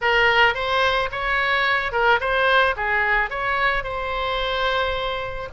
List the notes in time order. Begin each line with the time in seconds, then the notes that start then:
0.01 A#4
0.54 C5
1.11 C#5
1.92 A#4
2.20 C5
2.76 G#4
3.30 C#5
3.83 C5